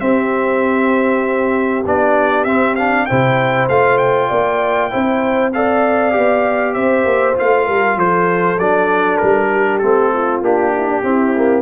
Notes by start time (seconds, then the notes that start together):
0.00 C4 G4 E5
1.85 B3 D4 D5
2.44 C4 E5
2.75 D4 F5
3.06 C3 E4 C5 G5
3.69 A3 F4 F5
3.98 G5
4.29 A#3 D5
4.91 C4 E4 C5
5.53 A4 D5 F5
6.11 B3 G4
6.74 C4 C5 E5
7.05 A#3
7.34 F4 F5
7.40 A3
7.66 G3 A#4
7.96 F3 A4 C5
8.58 F#3 D4 D5
9.17 G3 A#4
9.52 G4
9.79 A3 C4 A4
10.13 F4
10.42 A#3 D4 G4
10.77 E4
10.87 D4
11.03 C4 E4
11.36 A#3